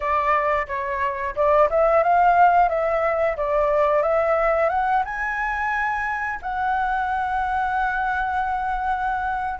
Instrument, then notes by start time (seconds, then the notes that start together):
flute
0.00 D5
0.67 C#5
1.35 D5
1.70 E5
2.03 F5
2.68 E5
3.36 D5
4.02 E5
4.69 F#5
5.04 G#5
6.42 F#5